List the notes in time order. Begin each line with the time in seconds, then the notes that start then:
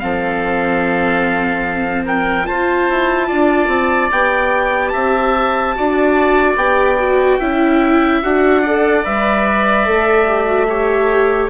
0.00 F3 C4 A4 F5
2.06 A#4 G5
2.45 F4 C5 A5
2.90 E4
3.28 D4 D5
3.68 C4
4.12 B3 G4 G5
4.89 C4 E5 A5
5.77 D4 F#4 D5
6.57 B3 G4 G5
7.00 F#4
7.40 C#4 E4 E5
8.23 D4 F#4 F#5
8.62 A4 D5
9.04 G3 B4 E5
9.85 A3 A4
10.28 G4
10.46 F#4
10.69 G4 C#5